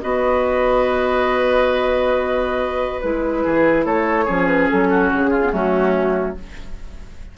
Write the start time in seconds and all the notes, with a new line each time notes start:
0.00 B3 F#4 B4 D#5
3.01 G#3 E4 B4
3.43 E3 G#4
3.84 A3 A4 C#5
4.25 F3 C#4 G#4
4.47 B4
4.69 F#3 A4
4.90 F#4
5.12 C#3 G#4
5.30 F4
5.42 B3
5.51 F#3 A3 C#4 F#4